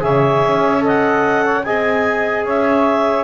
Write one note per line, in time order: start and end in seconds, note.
0.00 0.43 C#3
0.00 0.81 G#4
0.00 0.84 C#5
0.00 0.84 E5
0.43 1.65 C#4
0.81 1.62 A4
0.81 1.45 D#5
0.88 1.64 F#5
1.45 1.65 C#5
1.64 2.44 C4
1.64 3.24 G#4
1.64 2.45 D#5
1.64 2.45 G#5
2.44 3.24 C#4
2.44 3.24 C#5
2.44 3.24 E5